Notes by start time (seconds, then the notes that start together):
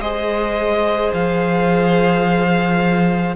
0.00 G#3 G#4 C5 D#5
1.13 F3 F5